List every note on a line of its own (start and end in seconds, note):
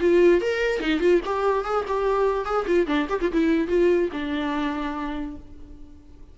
0.00 0.41 F4
0.41 0.80 A#4
0.80 1.00 D#4
1.00 1.21 F4
1.25 1.64 G4
1.64 1.85 G#4
1.88 2.45 G4
2.45 2.66 G#4
2.67 2.87 F4
2.87 3.08 D4
3.09 3.20 G4
3.21 3.32 F4
3.32 3.68 E4
3.68 4.09 F4
4.12 5.37 D4